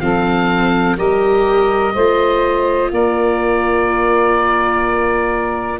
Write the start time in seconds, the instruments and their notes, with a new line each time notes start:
0.00 tuba F3, viola C4, saxophone A4, oboe F5
0.96 tuba G3, viola G4, saxophone A#4, oboe D#5
1.94 tuba A3, viola F4, saxophone C5
2.91 tuba A#3, saxophone A#4, oboe D5